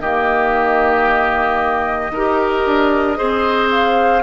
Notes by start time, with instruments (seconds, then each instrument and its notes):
0.00 bassoon D#3, clarinet A#3, oboe G4, flute D#5
2.11 bassoon D#4, clarinet G4, oboe A#4
2.66 bassoon D4
3.16 bassoon C4, clarinet G#4, oboe C5
3.71 flute F5